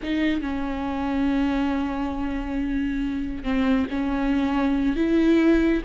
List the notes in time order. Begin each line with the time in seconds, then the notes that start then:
0.02 D#4
0.41 C#4
3.43 C4
3.90 C#4
4.96 E4